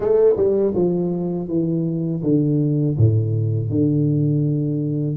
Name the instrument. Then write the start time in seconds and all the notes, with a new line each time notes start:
tuba
0.00 A3
0.36 G3
0.74 F3
1.47 E3
2.22 D3
2.97 A2
3.69 D3